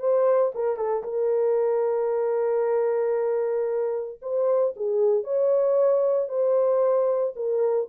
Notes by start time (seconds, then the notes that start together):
0.00 C5
0.55 A#4
0.77 A4
1.04 A#4
4.22 C5
4.77 G#4
5.24 C#5
6.29 C5
7.36 A#4